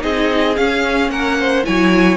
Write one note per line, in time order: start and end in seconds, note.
0.00 0.58 C4
0.00 0.54 D#4
0.00 1.11 G#4
0.00 0.57 D#5
0.57 1.64 C#4
0.57 1.10 C#4
0.57 1.11 F5
1.10 1.64 A#3
1.10 1.39 A#4
1.10 1.65 F#5
1.40 1.67 C5
1.64 2.18 F#3
1.64 2.18 E4
1.64 2.18 C#5
1.64 2.18 G#5